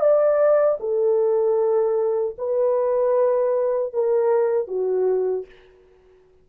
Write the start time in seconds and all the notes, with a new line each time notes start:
0.00 D5
0.80 A4
2.38 B4
3.93 A#4
4.68 F#4